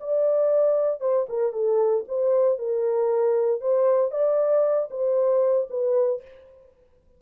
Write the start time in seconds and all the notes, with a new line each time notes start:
0.00 D5
1.01 C5
1.29 A#4
1.53 A4
2.08 C5
2.59 A#4
3.61 C5
4.11 D5
4.91 C5
5.70 B4